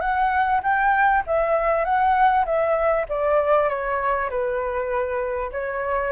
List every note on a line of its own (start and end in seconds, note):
0.00 0.61 F#5
0.63 1.23 G5
1.26 1.84 E5
1.84 2.45 F#5
2.45 3.06 E5
3.09 3.69 D5
3.69 4.29 C#5
4.29 5.51 B4
5.52 6.12 C#5